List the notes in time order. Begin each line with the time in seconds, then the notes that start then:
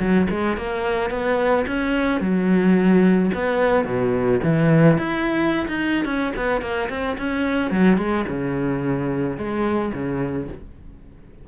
0.00 F#3
0.31 G#3
0.58 A#3
1.11 B3
1.68 C#4
2.21 F#3
3.35 B3
3.86 B2
4.44 E3
4.98 E4
5.68 D#4
6.06 C#4
6.37 B3
6.62 A#3
6.90 C4
7.18 C#4
7.72 F#3
7.98 G#3
8.29 C#3
9.38 G#3
9.94 C#3